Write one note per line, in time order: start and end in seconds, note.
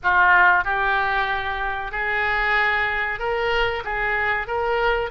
0.03 0.64 F4
0.64 1.91 G4
1.91 3.19 G#4
3.19 3.83 A#4
3.84 4.47 G#4
4.47 5.10 A#4